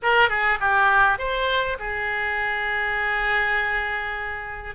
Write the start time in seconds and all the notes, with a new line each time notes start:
0.02 A#4
0.29 G#4
0.59 G4
1.18 C5
1.79 G#4